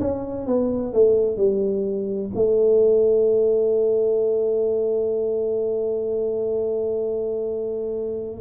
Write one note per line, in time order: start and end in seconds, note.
0.00 0.46 C#4
0.46 0.93 B3
0.93 1.37 A3
1.37 2.31 G3
2.35 8.40 A3